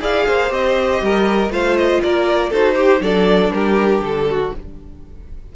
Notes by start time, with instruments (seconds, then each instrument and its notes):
0.00 cello E4, viola G#4, violin D5 F5
0.27 cello A#3, violin C5
0.50 cello C4, viola G4, violin D#5
1.02 cello G3, violin A#4
1.49 cello A3, viola F4, violin C5 F5
1.77 violin D#5
2.03 cello A#3, violin A#4 D5
2.50 cello D#4, viola F#4, violin A4 C5
2.75 viola G4, violin G4
3.01 cello F#3, viola D4, violin A4 D5
3.51 cello G3, violin G4 A#4
4.01 cello D3, violin A4
4.31 violin F#4